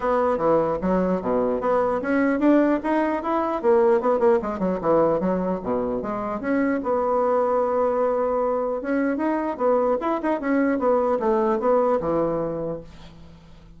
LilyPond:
\new Staff \with { instrumentName = "bassoon" } { \time 4/4 \tempo 4 = 150 b4 e4 fis4 b,4 | b4 cis'4 d'4 dis'4 | e'4 ais4 b8 ais8 gis8 fis8 | e4 fis4 b,4 gis4 |
cis'4 b2.~ | b2 cis'4 dis'4 | b4 e'8 dis'8 cis'4 b4 | a4 b4 e2 | }